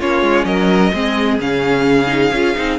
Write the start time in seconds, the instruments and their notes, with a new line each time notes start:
0.00 cello A#3, viola C#4, violin F4 C#5
0.22 cello G#3
0.45 cello F#3, violin A#4 D#5
0.93 cello G#3, viola C4, violin G#4
1.40 cello C#3, viola C#4, violin F5
2.07 viola D#4
2.32 cello C#4, viola F4
2.56 cello C4, viola D#4